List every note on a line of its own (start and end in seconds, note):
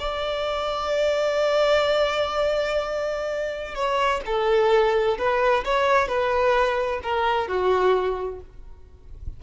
0.00 3.76 D5
3.76 4.22 C#5
4.26 5.18 A4
5.19 5.65 B4
5.65 6.09 C#5
6.09 7.01 B4
7.04 7.48 A#4
7.48 8.41 F#4